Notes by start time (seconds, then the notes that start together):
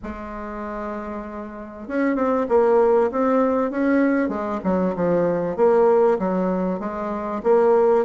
0.03 G#3
1.88 C#4
2.15 C4
2.49 A#3
3.11 C4
3.70 C#4
4.28 G#3
4.63 F#3
4.95 F3
5.56 A#3
6.19 F#3
6.79 G#3
7.43 A#3